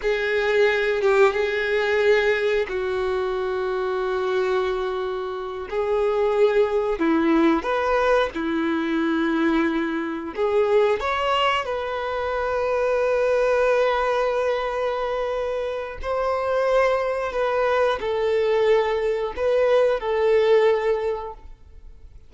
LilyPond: \new Staff \with { instrumentName = "violin" } { \time 4/4 \tempo 4 = 90 gis'4. g'8 gis'2 | fis'1~ | fis'8 gis'2 e'4 b'8~ | b'8 e'2. gis'8~ |
gis'8 cis''4 b'2~ b'8~ | b'1 | c''2 b'4 a'4~ | a'4 b'4 a'2 | }